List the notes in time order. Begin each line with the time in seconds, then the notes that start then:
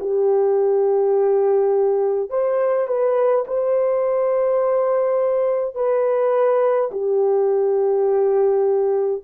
0.00 G4
2.30 C5
2.87 B4
3.47 C5
5.75 B4
6.92 G4